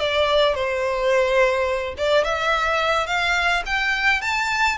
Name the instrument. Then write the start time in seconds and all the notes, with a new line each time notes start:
violin
0.00 D5
0.55 C5
1.97 D5
2.24 E5
3.07 F5
3.66 G5
4.22 A5